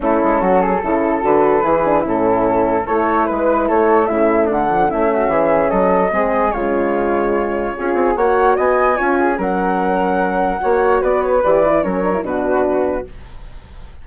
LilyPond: <<
  \new Staff \with { instrumentName = "flute" } { \time 4/4 \tempo 4 = 147 a'2. b'4~ | b'4 a'2 cis''4 | b'4 cis''4 e''4 fis''4 | e''2 dis''2 |
cis''1 | fis''4 gis''2 fis''4~ | fis''2. d''8 cis''8 | d''4 cis''4 b'2 | }
  \new Staff \with { instrumentName = "flute" } { \time 4/4 e'4 fis'8 gis'8 a'2 | gis'4 e'2 a'4 | b'4 a'4 e'4 d'4 | e'8 fis'8 gis'4 a'4 gis'4 |
f'2. gis'4 | cis''4 dis''4 cis''8 gis'8 ais'4~ | ais'2 cis''4 b'4~ | b'4 ais'4 fis'2 | }
  \new Staff \with { instrumentName = "horn" } { \time 4/4 cis'2 e'4 fis'4 | e'8 d'8 cis'2 e'4~ | e'2 a4. f8 | cis'2. c'4 |
gis2. f'4 | fis'2 f'4 cis'4~ | cis'2 fis'2 | g'8 e'8 cis'8 d'16 e'16 d'2 | }
  \new Staff \with { instrumentName = "bassoon" } { \time 4/4 a8 gis8 fis4 cis4 d4 | e4 a,2 a4 | gis4 a4 cis4 d4 | a4 e4 fis4 gis4 |
cis2. cis'8 c'8 | ais4 b4 cis'4 fis4~ | fis2 ais4 b4 | e4 fis4 b,2 | }
>>